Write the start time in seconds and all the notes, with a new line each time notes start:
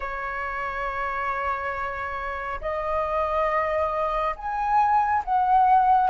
0.00 C#5
2.61 D#5
4.36 G#5
5.24 F#5